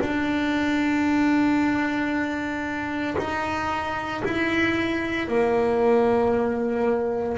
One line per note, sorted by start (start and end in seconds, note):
0.00 3.16 D4
3.17 4.22 D#4
4.24 5.27 E4
5.27 7.37 A#3